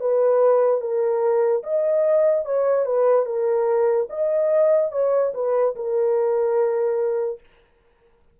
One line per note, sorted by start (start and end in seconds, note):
0.00 0.80 B4
0.80 1.63 A#4
1.63 2.45 D#5
2.45 2.85 C#5
2.85 3.25 B4
3.25 4.07 A#4
4.09 4.91 D#5
4.91 5.32 C#5
5.33 5.75 B4
5.75 7.40 A#4